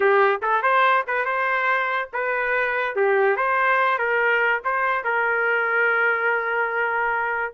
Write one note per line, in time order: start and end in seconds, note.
0.00 0.40 G4
0.42 0.62 A4
0.62 1.04 C5
1.07 1.25 B4
1.25 2.09 C5
2.13 2.95 B4
2.95 3.36 G4
3.36 3.98 C5
3.98 4.61 A#4
4.64 5.03 C5
5.03 7.54 A#4